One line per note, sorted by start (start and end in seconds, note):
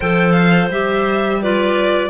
0.00 0.69 F3
0.00 0.71 A4
0.00 1.41 C5
0.00 0.32 G5
0.32 0.67 F5
0.69 2.10 G3
0.69 1.42 G4
0.69 1.42 E5
1.42 2.10 F4
1.42 2.10 B4
1.42 2.10 D5